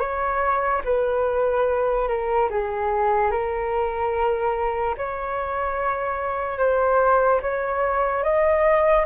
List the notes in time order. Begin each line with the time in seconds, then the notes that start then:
0.00 C#5
0.85 B4
2.08 A#4
2.50 G#4
3.31 A#4
4.98 C#5
6.58 C5
7.42 C#5
8.24 D#5